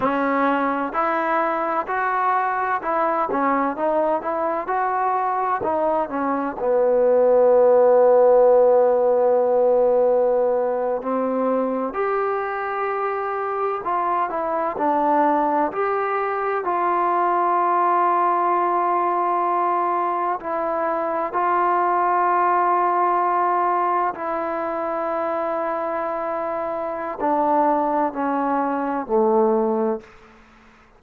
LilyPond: \new Staff \with { instrumentName = "trombone" } { \time 4/4 \tempo 4 = 64 cis'4 e'4 fis'4 e'8 cis'8 | dis'8 e'8 fis'4 dis'8 cis'8 b4~ | b2.~ b8. c'16~ | c'8. g'2 f'8 e'8 d'16~ |
d'8. g'4 f'2~ f'16~ | f'4.~ f'16 e'4 f'4~ f'16~ | f'4.~ f'16 e'2~ e'16~ | e'4 d'4 cis'4 a4 | }